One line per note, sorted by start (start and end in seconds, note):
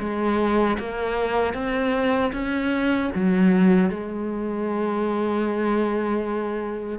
0.00 0.78 G#3
0.79 1.54 A#3
1.54 2.32 C4
2.33 3.11 C#4
3.15 3.90 F#3
3.90 6.99 G#3